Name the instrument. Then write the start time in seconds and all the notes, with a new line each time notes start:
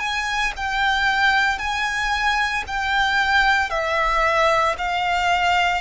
violin
0.00 G#5
0.57 G5
1.59 G#5
2.67 G5
3.71 E5
4.78 F5